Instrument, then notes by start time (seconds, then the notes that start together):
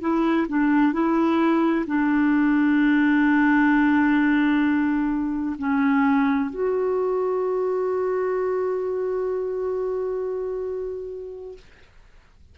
clarinet
0.00 E4
0.48 D4
0.93 E4
1.86 D4
5.58 C#4
6.50 F#4